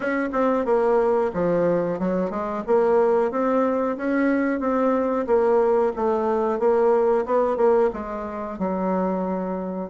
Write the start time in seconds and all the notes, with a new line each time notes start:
0.00 C#4
0.32 C4
0.65 A#3
1.33 F3
1.99 F#3
2.30 G#3
2.66 A#3
3.31 C4
3.97 C#4
4.60 C4
5.26 A#3
5.96 A3
6.59 A#3
7.25 B3
7.56 A#3
7.93 G#3
8.58 F#3